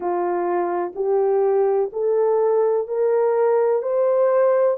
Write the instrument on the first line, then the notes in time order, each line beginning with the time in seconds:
horn
0.00 F4
0.95 G4
1.92 A4
2.87 A#4
3.82 C5